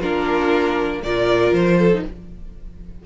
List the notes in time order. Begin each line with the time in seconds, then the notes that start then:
0.00 A#3 D4 F4 A#4
1.03 A#2 F4 A#4 D5
1.52 F3 C5
1.78 A4
1.93 D#4